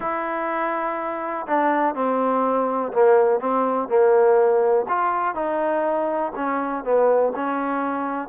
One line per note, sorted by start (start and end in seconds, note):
0.00 1.46 E4
1.46 1.94 D4
1.94 2.92 C4
2.92 3.40 A#3
3.40 3.88 C4
3.88 4.85 A#3
4.88 5.34 F4
5.34 6.32 D#4
6.35 6.83 C#4
6.83 7.32 B3
7.35 8.28 C#4